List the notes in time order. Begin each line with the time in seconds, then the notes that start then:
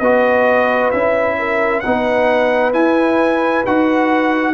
0.00 B3 F#4 B4 D#5
0.92 C#4 E4 E5
1.39 A#4
1.80 B3 D#4 B4 F#5
2.73 E4 G#5
3.66 D#4 F#4 F#5